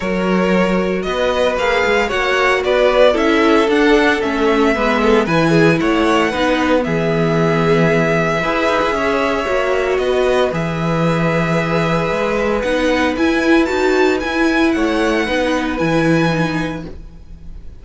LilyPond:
<<
  \new Staff \with { instrumentName = "violin" } { \time 4/4 \tempo 4 = 114 cis''2 dis''4 f''4 | fis''4 d''4 e''4 fis''4 | e''2 gis''4 fis''4~ | fis''4 e''2.~ |
e''2. dis''4 | e''1 | fis''4 gis''4 a''4 gis''4 | fis''2 gis''2 | }
  \new Staff \with { instrumentName = "violin" } { \time 4/4 ais'2 b'2 | cis''4 b'4 a'2~ | a'4 b'8 a'8 b'8 gis'8 cis''4 | b'4 gis'2. |
b'4 cis''2 b'4~ | b'1~ | b'1 | cis''4 b'2. | }
  \new Staff \with { instrumentName = "viola" } { \time 4/4 fis'2. gis'4 | fis'2 e'4 d'4 | cis'4 b4 e'2 | dis'4 b2. |
gis'2 fis'2 | gis'1 | dis'4 e'4 fis'4 e'4~ | e'4 dis'4 e'4 dis'4 | }
  \new Staff \with { instrumentName = "cello" } { \time 4/4 fis2 b4 ais8 gis8 | ais4 b4 cis'4 d'4 | a4 gis4 e4 a4 | b4 e2. |
e'8 dis'16 e'16 cis'4 ais4 b4 | e2. gis4 | b4 e'4 dis'4 e'4 | a4 b4 e2 | }
>>